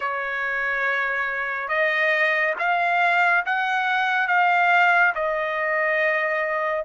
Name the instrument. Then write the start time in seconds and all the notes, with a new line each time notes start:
trumpet
0.00 C#5
1.68 D#5
2.59 F5
3.45 F#5
4.27 F5
5.14 D#5